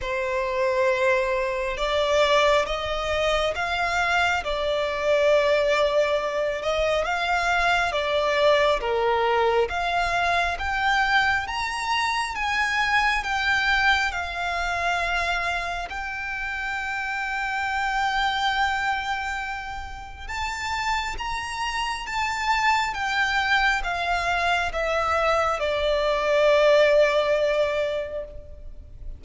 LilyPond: \new Staff \with { instrumentName = "violin" } { \time 4/4 \tempo 4 = 68 c''2 d''4 dis''4 | f''4 d''2~ d''8 dis''8 | f''4 d''4 ais'4 f''4 | g''4 ais''4 gis''4 g''4 |
f''2 g''2~ | g''2. a''4 | ais''4 a''4 g''4 f''4 | e''4 d''2. | }